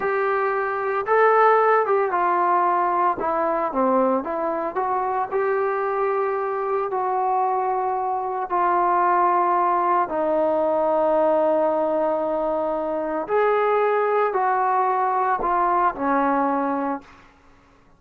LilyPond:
\new Staff \with { instrumentName = "trombone" } { \time 4/4 \tempo 4 = 113 g'2 a'4. g'8 | f'2 e'4 c'4 | e'4 fis'4 g'2~ | g'4 fis'2. |
f'2. dis'4~ | dis'1~ | dis'4 gis'2 fis'4~ | fis'4 f'4 cis'2 | }